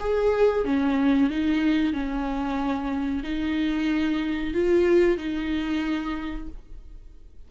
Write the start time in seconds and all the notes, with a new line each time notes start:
0.00 G#4
0.65 C#4
1.30 D#4
1.93 C#4
3.23 D#4
4.54 F4
5.17 D#4